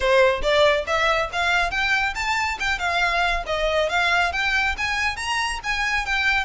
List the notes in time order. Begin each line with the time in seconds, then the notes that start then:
0.00 C5
0.42 D5
0.86 E5
1.32 F5
1.71 G5
2.14 A5
2.59 G5
2.79 F5
3.46 D#5
3.89 F5
4.32 G5
4.77 G#5
5.16 A#5
5.63 G#5
6.05 G5